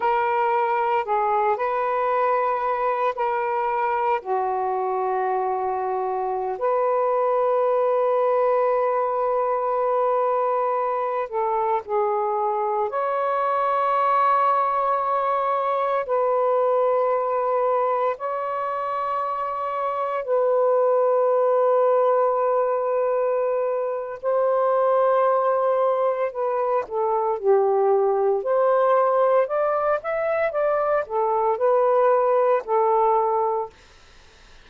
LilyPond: \new Staff \with { instrumentName = "saxophone" } { \time 4/4 \tempo 4 = 57 ais'4 gis'8 b'4. ais'4 | fis'2~ fis'16 b'4.~ b'16~ | b'2~ b'8. a'8 gis'8.~ | gis'16 cis''2. b'8.~ |
b'4~ b'16 cis''2 b'8.~ | b'2. c''4~ | c''4 b'8 a'8 g'4 c''4 | d''8 e''8 d''8 a'8 b'4 a'4 | }